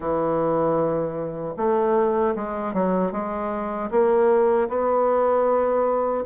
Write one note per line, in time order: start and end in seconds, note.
0.00 1.55 E3
1.57 2.34 A3
2.35 2.73 G#3
2.73 3.12 F#3
3.12 3.90 G#3
3.90 4.68 A#3
4.68 6.24 B3